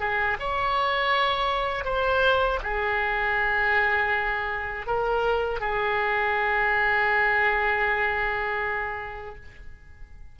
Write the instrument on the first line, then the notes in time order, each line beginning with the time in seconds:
oboe
0.00 G#4
0.40 C#5
1.84 C5
2.63 G#4
4.86 A#4
5.60 G#4